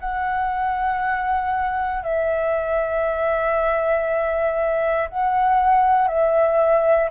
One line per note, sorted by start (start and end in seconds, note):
0.00 2.03 F#5
2.03 5.08 E5
5.09 6.08 F#5
6.08 7.10 E5